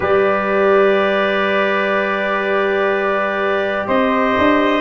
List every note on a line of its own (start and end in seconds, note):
0.00 3.87 G3
0.00 4.80 G4
0.00 3.86 B4
0.00 3.88 D5
3.87 4.36 C4
3.87 4.80 C5
3.87 4.80 D#5
4.38 4.80 D4